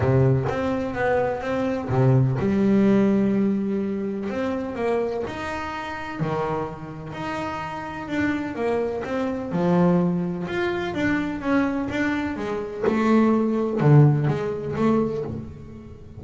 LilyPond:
\new Staff \with { instrumentName = "double bass" } { \time 4/4 \tempo 4 = 126 c4 c'4 b4 c'4 | c4 g2.~ | g4 c'4 ais4 dis'4~ | dis'4 dis2 dis'4~ |
dis'4 d'4 ais4 c'4 | f2 f'4 d'4 | cis'4 d'4 gis4 a4~ | a4 d4 gis4 a4 | }